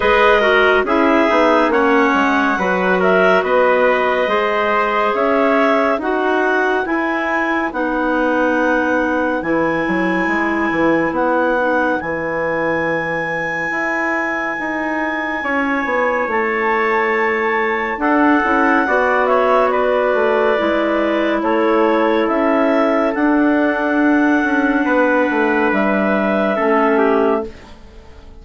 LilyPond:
<<
  \new Staff \with { instrumentName = "clarinet" } { \time 4/4 \tempo 4 = 70 dis''4 e''4 fis''4. e''8 | dis''2 e''4 fis''4 | gis''4 fis''2 gis''4~ | gis''4 fis''4 gis''2~ |
gis''2. a''4~ | a''4 fis''4. e''8 d''4~ | d''4 cis''4 e''4 fis''4~ | fis''2 e''2 | }
  \new Staff \with { instrumentName = "trumpet" } { \time 4/4 b'8 ais'8 gis'4 cis''4 b'8 ais'8 | b'4 c''4 cis''4 b'4~ | b'1~ | b'1~ |
b'2 cis''2~ | cis''4 a'4 d''8 cis''8 b'4~ | b'4 a'2.~ | a'4 b'2 a'8 g'8 | }
  \new Staff \with { instrumentName = "clarinet" } { \time 4/4 gis'8 fis'8 e'8 dis'8 cis'4 fis'4~ | fis'4 gis'2 fis'4 | e'4 dis'2 e'4~ | e'4. dis'8 e'2~ |
e'1~ | e'4 d'8 e'8 fis'2 | e'2. d'4~ | d'2. cis'4 | }
  \new Staff \with { instrumentName = "bassoon" } { \time 4/4 gis4 cis'8 b8 ais8 gis8 fis4 | b4 gis4 cis'4 dis'4 | e'4 b2 e8 fis8 | gis8 e8 b4 e2 |
e'4 dis'4 cis'8 b8 a4~ | a4 d'8 cis'8 b4. a8 | gis4 a4 cis'4 d'4~ | d'8 cis'8 b8 a8 g4 a4 | }
>>